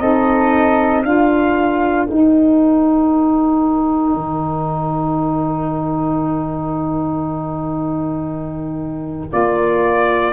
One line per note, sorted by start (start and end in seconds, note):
0.00 1.03 C4
0.00 1.04 D#4
0.00 1.02 A4
0.00 1.04 D#5
1.02 2.07 D4
1.02 2.08 F4
1.02 10.33 A#4
1.02 2.08 F5
2.08 9.29 D#4
2.08 4.15 D#4
2.08 9.32 G5
4.15 9.32 D#3
9.29 10.33 A#3
9.29 10.32 F4
9.29 10.33 D5